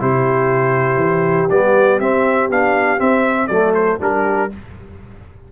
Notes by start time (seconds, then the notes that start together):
0.00 C3 E4 G4 C5
0.96 E3
1.50 G3 B3 D5
2.00 C4 E5
2.50 B3 D4 F5
2.98 C4 E5
3.48 F#3 A3 A4 D5
3.75 C5
4.00 G3 D4 G4 A#4